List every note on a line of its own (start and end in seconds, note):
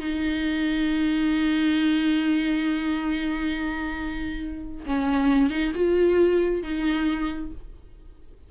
0.00 4.85 D#4
4.86 5.50 C#4
5.50 5.72 D#4
5.75 6.63 F4
6.63 7.51 D#4